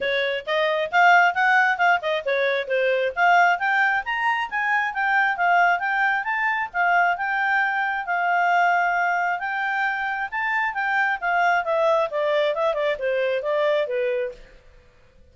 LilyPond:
\new Staff \with { instrumentName = "clarinet" } { \time 4/4 \tempo 4 = 134 cis''4 dis''4 f''4 fis''4 | f''8 dis''8 cis''4 c''4 f''4 | g''4 ais''4 gis''4 g''4 | f''4 g''4 a''4 f''4 |
g''2 f''2~ | f''4 g''2 a''4 | g''4 f''4 e''4 d''4 | e''8 d''8 c''4 d''4 b'4 | }